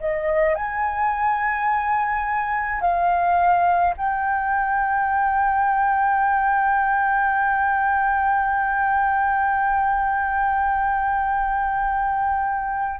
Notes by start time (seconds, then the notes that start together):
0.00 D#5
0.55 G#5
2.81 F5
3.97 G5